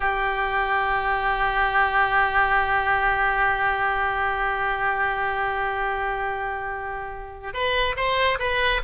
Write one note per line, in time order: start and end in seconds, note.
0.00 7.53 G4
7.53 7.95 B4
7.96 8.38 C5
8.39 8.81 B4